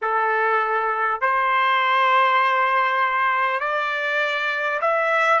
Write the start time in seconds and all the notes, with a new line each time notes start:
0.01 A4
1.21 C5
3.59 D5
4.81 E5